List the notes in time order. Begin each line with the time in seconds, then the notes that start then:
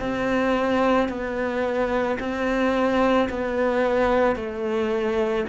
0.00 C4
1.09 B3
2.20 C4
3.30 B3
4.36 A3